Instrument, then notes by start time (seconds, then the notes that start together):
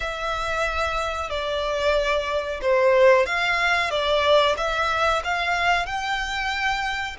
violin
0.00 E5
1.30 D5
2.61 C5
3.25 F5
3.90 D5
4.57 E5
5.24 F5
5.85 G5